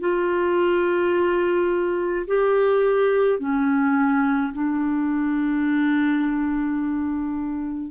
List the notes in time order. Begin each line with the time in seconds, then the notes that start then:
0.00 F4
2.27 G4
3.40 C#4
4.53 D4